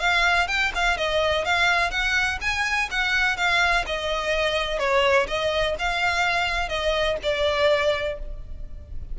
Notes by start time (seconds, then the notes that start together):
0.00 F5
0.48 G5
0.75 F5
0.97 D#5
1.45 F5
1.91 F#5
2.41 G#5
2.91 F#5
3.37 F5
3.87 D#5
4.79 C#5
5.28 D#5
5.79 F5
6.69 D#5
7.23 D5